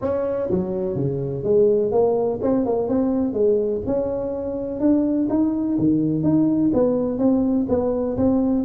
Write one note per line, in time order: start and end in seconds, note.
0.01 0.49 C#4
0.50 0.95 F#3
0.95 1.43 C#3
1.43 1.91 G#3
1.91 2.39 A#3
2.42 2.65 C4
2.65 2.88 A#3
2.88 3.33 C4
3.33 3.81 G#3
3.86 4.80 C#4
4.80 5.28 D4
5.29 5.77 D#4
5.78 6.23 D#3
6.23 6.71 D#4
6.73 7.18 B3
7.18 7.66 C4
7.68 8.16 B3
8.17 8.64 C4